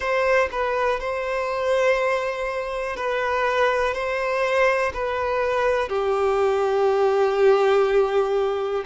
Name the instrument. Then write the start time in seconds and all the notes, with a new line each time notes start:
violin
0.00 C5
0.51 B4
1.00 C5
2.96 B4
3.93 C5
4.93 B4
5.88 G4